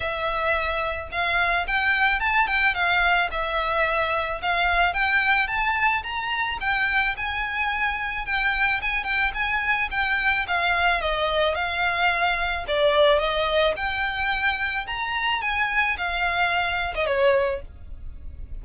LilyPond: \new Staff \with { instrumentName = "violin" } { \time 4/4 \tempo 4 = 109 e''2 f''4 g''4 | a''8 g''8 f''4 e''2 | f''4 g''4 a''4 ais''4 | g''4 gis''2 g''4 |
gis''8 g''8 gis''4 g''4 f''4 | dis''4 f''2 d''4 | dis''4 g''2 ais''4 | gis''4 f''4.~ f''16 dis''16 cis''4 | }